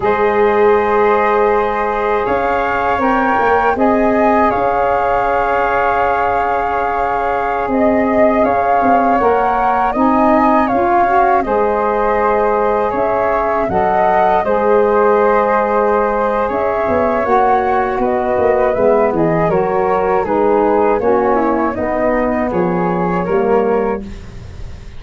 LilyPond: <<
  \new Staff \with { instrumentName = "flute" } { \time 4/4 \tempo 4 = 80 dis''2. f''4 | g''4 gis''4 f''2~ | f''2~ f''16 dis''4 f''8.~ | f''16 fis''4 gis''4 f''4 dis''8.~ |
dis''4~ dis''16 e''4 fis''4 dis''8.~ | dis''2 e''4 fis''4 | dis''4 e''8 dis''8 cis''4 b'4 | cis''4 dis''4 cis''2 | }
  \new Staff \with { instrumentName = "flute" } { \time 4/4 c''2. cis''4~ | cis''4 dis''4 cis''2~ | cis''2~ cis''16 dis''4 cis''8.~ | cis''4~ cis''16 dis''4 cis''4 c''8.~ |
c''4~ c''16 cis''4 dis''4 c''8.~ | c''2 cis''2 | b'4. gis'8 ais'4 gis'4 | fis'8 e'8 dis'4 gis'4 ais'4 | }
  \new Staff \with { instrumentName = "saxophone" } { \time 4/4 gis'1 | ais'4 gis'2.~ | gis'1~ | gis'16 ais'4 dis'4 f'8 fis'8 gis'8.~ |
gis'2~ gis'16 a'4 gis'8.~ | gis'2. fis'4~ | fis'4 b4 fis'4 dis'4 | cis'4 b2 ais4 | }
  \new Staff \with { instrumentName = "tuba" } { \time 4/4 gis2. cis'4 | c'8 ais8 c'4 cis'2~ | cis'2~ cis'16 c'4 cis'8 c'16~ | c'16 ais4 c'4 cis'4 gis8.~ |
gis4~ gis16 cis'4 fis4 gis8.~ | gis2 cis'8 b8 ais4 | b8 ais8 gis8 e8 fis4 gis4 | ais4 b4 f4 g4 | }
>>